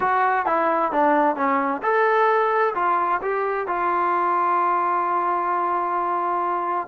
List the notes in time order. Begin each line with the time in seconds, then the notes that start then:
0.00 F#4
0.46 E4
0.92 D4
1.36 C#4
1.82 A4
2.75 F4
3.22 G4
3.67 F4